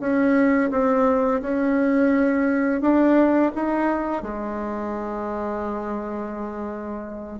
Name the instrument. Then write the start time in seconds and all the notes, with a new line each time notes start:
bassoon
0.00 C#4
0.71 C4
1.42 C#4
2.81 D4
3.55 D#4
4.23 G#3